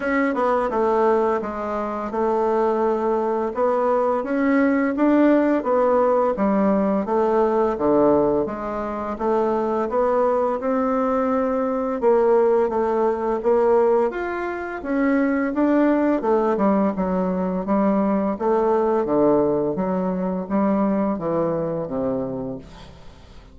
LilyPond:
\new Staff \with { instrumentName = "bassoon" } { \time 4/4 \tempo 4 = 85 cis'8 b8 a4 gis4 a4~ | a4 b4 cis'4 d'4 | b4 g4 a4 d4 | gis4 a4 b4 c'4~ |
c'4 ais4 a4 ais4 | f'4 cis'4 d'4 a8 g8 | fis4 g4 a4 d4 | fis4 g4 e4 c4 | }